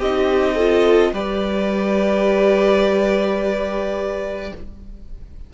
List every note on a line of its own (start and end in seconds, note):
0.00 1.13 C4
0.00 0.59 D#4
0.00 0.56 G4
0.00 1.14 D#5
0.56 1.14 F4
0.56 1.12 A4
1.13 4.52 G3
1.13 4.54 G4
1.13 4.52 B4
1.13 4.54 D5